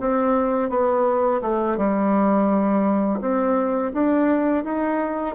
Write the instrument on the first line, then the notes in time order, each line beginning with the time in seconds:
bassoon
0.00 C4
0.70 B3
1.42 A3
1.77 G3
3.21 C4
3.94 D4
4.64 D#4